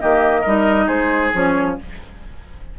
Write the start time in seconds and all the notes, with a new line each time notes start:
0.00 D#3 A#3 G4 D#5
0.41 G3 D#4 A#4
0.86 G#3 G#4 C5
1.33 F3 C#4 C#5